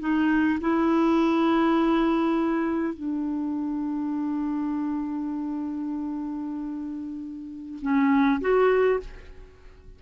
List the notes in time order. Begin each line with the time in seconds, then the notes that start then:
0.00 D#4
0.60 E4
2.94 D4
7.82 C#4
8.41 F#4